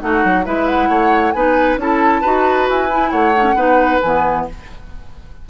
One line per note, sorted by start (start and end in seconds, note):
0.00 0.24 A3
0.00 0.44 D#4
0.00 0.45 F#4
0.00 0.44 F#5
0.24 0.46 F#3
0.45 0.89 G#3
0.45 1.34 E4
0.45 0.89 B4
0.45 0.67 E5
0.67 1.31 F#5
0.89 1.33 A3
0.89 1.33 C#5
1.31 1.76 B3
1.31 1.79 D#4
1.31 1.80 B4
1.31 1.76 G#5
1.76 2.21 C#4
1.76 2.23 E4
1.76 2.21 A4
1.76 2.69 A5
2.21 2.69 D#4
2.21 2.90 F#4
2.21 3.10 B4
2.69 3.12 E4
2.69 3.11 G#5
2.90 3.34 E4
3.11 3.54 A3
3.11 3.55 C#5
3.11 4.00 F#5
3.37 3.54 C#4
3.37 3.43 D#4
3.54 3.99 B3
3.54 4.01 D#4
3.54 4.45 B4
4.01 4.48 E3
4.01 4.49 B3
4.01 4.45 G#5